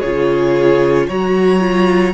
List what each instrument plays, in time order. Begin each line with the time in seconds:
0.00 cello C#3, viola F4, violin G#4 C#5
1.08 cello F#3, viola F#4, violin C#5 A#5
1.60 viola F4